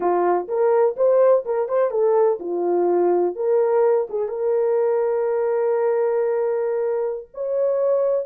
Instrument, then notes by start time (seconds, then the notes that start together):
horn
0.00 F4
0.48 A#4
0.96 C5
1.45 A#4
1.68 C5
1.90 A4
2.39 F4
3.35 A#4
4.09 G#4
4.28 A#4
7.34 C#5